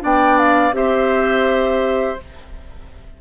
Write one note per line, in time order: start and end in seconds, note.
0.00 0.72 B3
0.00 0.72 D4
0.00 0.76 D5
0.00 0.39 G5
0.39 0.75 F5
0.72 2.17 C4
0.72 2.17 G4
0.72 2.21 C5
0.72 2.20 E5